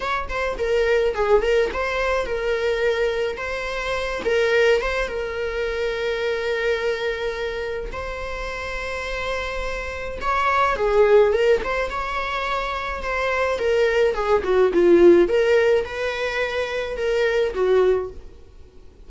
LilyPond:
\new Staff \with { instrumentName = "viola" } { \time 4/4 \tempo 4 = 106 cis''8 c''8 ais'4 gis'8 ais'8 c''4 | ais'2 c''4. ais'8~ | ais'8 c''8 ais'2.~ | ais'2 c''2~ |
c''2 cis''4 gis'4 | ais'8 c''8 cis''2 c''4 | ais'4 gis'8 fis'8 f'4 ais'4 | b'2 ais'4 fis'4 | }